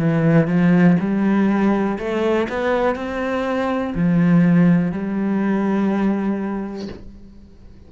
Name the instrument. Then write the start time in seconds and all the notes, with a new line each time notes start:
cello
0.00 E3
0.48 F3
1.00 G3
1.99 A3
2.49 B3
2.96 C4
3.95 F3
4.92 G3